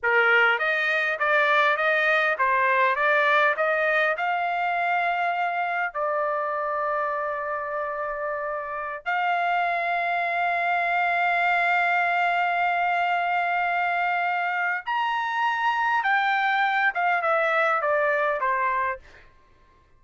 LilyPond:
\new Staff \with { instrumentName = "trumpet" } { \time 4/4 \tempo 4 = 101 ais'4 dis''4 d''4 dis''4 | c''4 d''4 dis''4 f''4~ | f''2 d''2~ | d''2.~ d''16 f''8.~ |
f''1~ | f''1~ | f''4 ais''2 g''4~ | g''8 f''8 e''4 d''4 c''4 | }